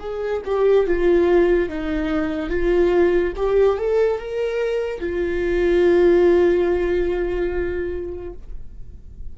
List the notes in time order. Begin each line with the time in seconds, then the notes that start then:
0.00 G#4
0.45 G4
0.86 F4
1.69 D#4
2.50 F4
3.36 G4
3.78 A4
4.19 A#4
5.00 F4